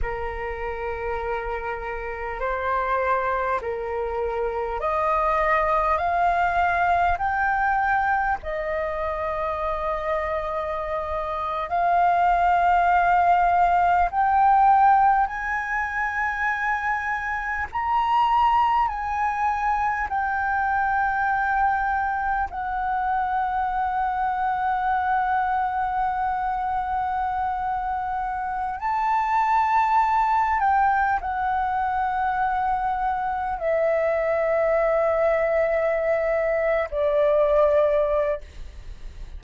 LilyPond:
\new Staff \with { instrumentName = "flute" } { \time 4/4 \tempo 4 = 50 ais'2 c''4 ais'4 | dis''4 f''4 g''4 dis''4~ | dis''4.~ dis''16 f''2 g''16~ | g''8. gis''2 ais''4 gis''16~ |
gis''8. g''2 fis''4~ fis''16~ | fis''1 | a''4. g''8 fis''2 | e''2~ e''8. d''4~ d''16 | }